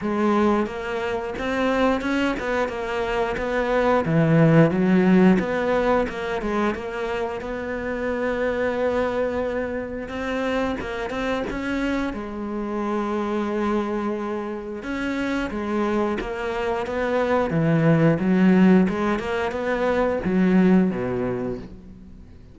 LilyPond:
\new Staff \with { instrumentName = "cello" } { \time 4/4 \tempo 4 = 89 gis4 ais4 c'4 cis'8 b8 | ais4 b4 e4 fis4 | b4 ais8 gis8 ais4 b4~ | b2. c'4 |
ais8 c'8 cis'4 gis2~ | gis2 cis'4 gis4 | ais4 b4 e4 fis4 | gis8 ais8 b4 fis4 b,4 | }